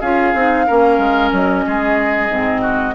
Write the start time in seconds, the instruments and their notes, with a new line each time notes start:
0.00 bassoon C#4, clarinet F4, oboe G#4, flute F5
0.33 bassoon C4, clarinet D#4
0.66 bassoon A#3, clarinet C#4, oboe A#4
0.98 bassoon G#3
1.32 bassoon F#3, flute D#5
1.66 bassoon G#3, oboe G#4
2.29 bassoon G#2, clarinet C4
2.61 oboe F#4